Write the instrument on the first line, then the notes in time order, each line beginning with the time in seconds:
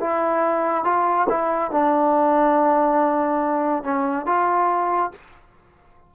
trombone
0.00 E4
0.84 F4
1.29 E4
1.71 D4
3.84 C#4
4.26 F4